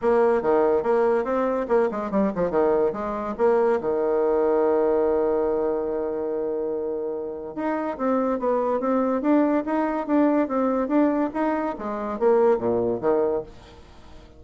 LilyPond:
\new Staff \with { instrumentName = "bassoon" } { \time 4/4 \tempo 4 = 143 ais4 dis4 ais4 c'4 | ais8 gis8 g8 f8 dis4 gis4 | ais4 dis2.~ | dis1~ |
dis2 dis'4 c'4 | b4 c'4 d'4 dis'4 | d'4 c'4 d'4 dis'4 | gis4 ais4 ais,4 dis4 | }